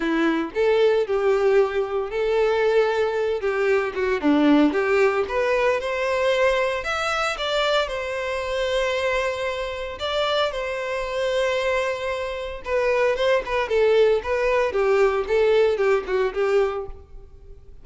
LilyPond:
\new Staff \with { instrumentName = "violin" } { \time 4/4 \tempo 4 = 114 e'4 a'4 g'2 | a'2~ a'8 g'4 fis'8 | d'4 g'4 b'4 c''4~ | c''4 e''4 d''4 c''4~ |
c''2. d''4 | c''1 | b'4 c''8 b'8 a'4 b'4 | g'4 a'4 g'8 fis'8 g'4 | }